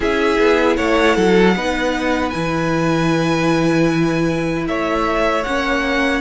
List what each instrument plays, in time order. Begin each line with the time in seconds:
0.00 cello C#4, viola E4, violin G#4 E5
0.38 cello B3
0.76 cello A3, violin C#5 F#5
1.15 cello F#3, violin A4
1.55 cello B3, viola D#4, violin B4
2.30 cello E3, viola E4, violin G#5
4.67 cello A3, violin C#5 E5
5.43 cello A#3, viola C#4, violin F#5